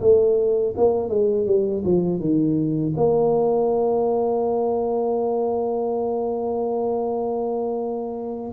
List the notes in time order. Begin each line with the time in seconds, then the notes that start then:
0.00 A3
0.76 A#3
1.09 G#3
1.46 G3
1.84 F3
2.20 D#3
2.96 A#3